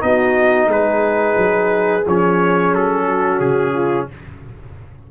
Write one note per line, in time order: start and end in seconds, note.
0.00 0.67 B3
0.00 2.02 D#4
0.00 0.69 F#4
0.00 0.70 D#5
0.67 1.35 G#3
0.67 3.05 G#4
0.67 2.07 B4
1.37 2.05 F#3
2.07 2.74 F3
2.07 4.11 C#4
2.07 2.75 C#5
2.74 3.40 F#3
2.74 3.40 A4
3.06 3.74 F#4
3.40 4.07 C#3
3.40 4.07 G#4
3.74 4.07 F4